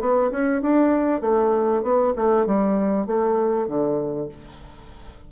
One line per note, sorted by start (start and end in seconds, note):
0.00 0.31 B3
0.31 0.62 C#4
0.62 1.21 D4
1.21 1.82 A3
1.83 2.13 B3
2.16 2.46 A3
2.46 3.06 G3
3.06 3.67 A3
3.67 4.29 D3